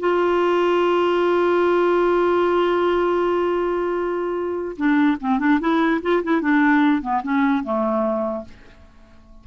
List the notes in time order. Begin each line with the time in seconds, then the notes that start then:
0.00 F4
4.77 D4
5.21 C4
5.39 D4
5.60 E4
6.02 F4
6.23 E4
6.41 D4
7.02 B3
7.23 C#4
7.64 A3